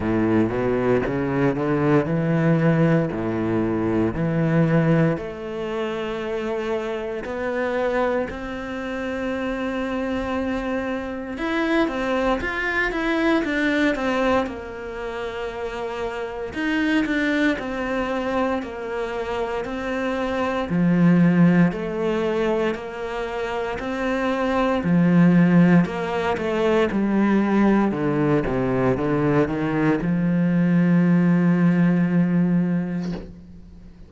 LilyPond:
\new Staff \with { instrumentName = "cello" } { \time 4/4 \tempo 4 = 58 a,8 b,8 cis8 d8 e4 a,4 | e4 a2 b4 | c'2. e'8 c'8 | f'8 e'8 d'8 c'8 ais2 |
dis'8 d'8 c'4 ais4 c'4 | f4 a4 ais4 c'4 | f4 ais8 a8 g4 d8 c8 | d8 dis8 f2. | }